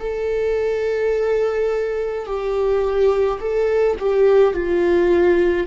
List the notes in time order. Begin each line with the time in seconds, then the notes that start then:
0.00 A4
2.26 G4
3.40 A4
3.99 G4
4.54 F4